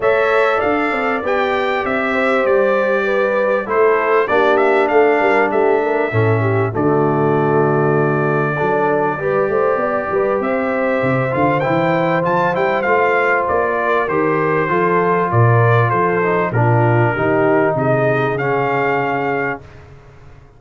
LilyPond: <<
  \new Staff \with { instrumentName = "trumpet" } { \time 4/4 \tempo 4 = 98 e''4 f''4 g''4 e''4 | d''2 c''4 d''8 e''8 | f''4 e''2 d''4~ | d''1~ |
d''4 e''4. f''8 g''4 | a''8 g''8 f''4 d''4 c''4~ | c''4 d''4 c''4 ais'4~ | ais'4 dis''4 f''2 | }
  \new Staff \with { instrumentName = "horn" } { \time 4/4 cis''4 d''2~ d''8 c''8~ | c''4 b'4 a'4 g'4 | a'8 ais'8 g'8 ais'8 a'8 g'8 fis'4~ | fis'2 a'4 b'8 c''8 |
d''8 b'8 c''2.~ | c''2~ c''8 ais'4. | a'4 ais'4 a'4 f'4 | g'4 gis'2. | }
  \new Staff \with { instrumentName = "trombone" } { \time 4/4 a'2 g'2~ | g'2 e'4 d'4~ | d'2 cis'4 a4~ | a2 d'4 g'4~ |
g'2~ g'8 f'8 e'4 | f'8 e'8 f'2 g'4 | f'2~ f'8 dis'8 d'4 | dis'2 cis'2 | }
  \new Staff \with { instrumentName = "tuba" } { \time 4/4 a4 d'8 c'8 b4 c'4 | g2 a4 ais4 | a8 g8 a4 a,4 d4~ | d2 fis4 g8 a8 |
b8 g8 c'4 c8 d8 e4 | f8 g8 a4 ais4 dis4 | f4 ais,4 f4 ais,4 | dis4 c4 cis2 | }
>>